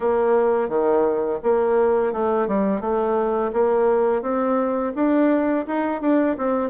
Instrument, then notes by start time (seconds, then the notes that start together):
bassoon
0.00 A#3
0.68 D#3
1.43 A#3
2.12 A3
2.47 G3
2.80 A3
3.52 A#3
4.22 C4
4.95 D4
5.67 D#4
6.01 D4
6.37 C4